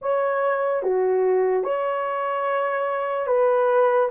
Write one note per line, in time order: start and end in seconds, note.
0.01 0.83 C#5
0.83 1.63 F#4
1.63 3.27 C#5
3.27 4.09 B4